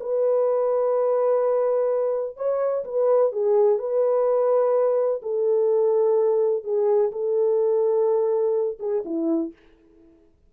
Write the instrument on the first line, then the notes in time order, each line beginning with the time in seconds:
horn
0.00 B4
2.36 C#5
2.84 B4
3.32 G#4
3.78 B4
5.22 A4
6.64 G#4
7.11 A4
8.79 G#4
9.05 E4